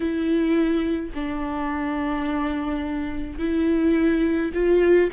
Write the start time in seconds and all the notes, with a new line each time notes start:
0.00 E4
1.14 D4
3.39 E4
4.53 F4